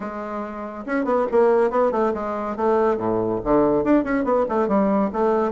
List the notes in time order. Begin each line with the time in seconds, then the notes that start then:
0.00 G#3
0.86 C#4
1.04 B3
1.31 A#3
1.70 B3
1.91 A3
2.14 G#3
2.56 A3
2.97 A2
3.44 D3
3.84 D4
4.04 C#4
4.24 B3
4.49 A3
4.68 G3
5.12 A3